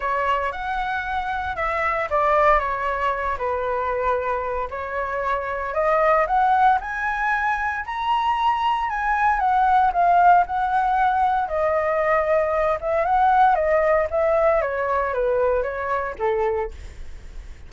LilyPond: \new Staff \with { instrumentName = "flute" } { \time 4/4 \tempo 4 = 115 cis''4 fis''2 e''4 | d''4 cis''4. b'4.~ | b'4 cis''2 dis''4 | fis''4 gis''2 ais''4~ |
ais''4 gis''4 fis''4 f''4 | fis''2 dis''2~ | dis''8 e''8 fis''4 dis''4 e''4 | cis''4 b'4 cis''4 a'4 | }